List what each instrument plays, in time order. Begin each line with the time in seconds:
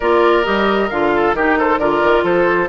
0.00 bassoon A#3, clarinet F4, oboe A#4, flute D5
0.44 bassoon G3, clarinet G4, flute D#5
0.89 bassoon D3, clarinet F4, flute F5
1.15 oboe A4
1.33 bassoon D#3, clarinet D#4, oboe G4, flute A#4
1.58 oboe A4, flute C5
1.78 bassoon D3, clarinet F4, oboe A#4, flute D5
2.03 bassoon D#3
2.23 bassoon F3, oboe A4, flute C5